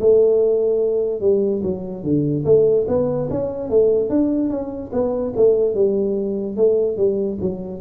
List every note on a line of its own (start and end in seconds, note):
0.00 1.20 A3
1.20 1.61 G3
1.63 2.03 F#3
2.03 2.44 D3
2.45 2.86 A3
2.88 3.29 B3
3.30 3.70 C#4
3.70 4.09 A3
4.09 4.50 D4
4.50 4.91 C#4
4.92 5.33 B3
5.36 5.74 A3
5.74 6.56 G3
6.56 6.97 A3
6.97 7.38 G3
7.41 7.81 F#3